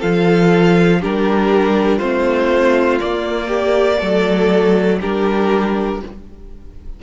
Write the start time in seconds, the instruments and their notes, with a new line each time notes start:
0.00 cello F3, viola F4, violin A4 F5
1.00 cello G3, viola D4, violin G4 A#4
1.98 cello A3, viola C4, violin F4 C5
3.00 viola A#3, cello A#3, violin D5
3.48 violin G4
3.99 cello F#3, viola A3, violin A4
5.01 cello G3, viola D4, violin G4 A#4